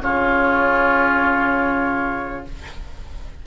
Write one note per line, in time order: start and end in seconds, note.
0.00 2.45 C#3
0.00 2.43 C#4
0.00 2.46 F4
0.00 2.44 C#5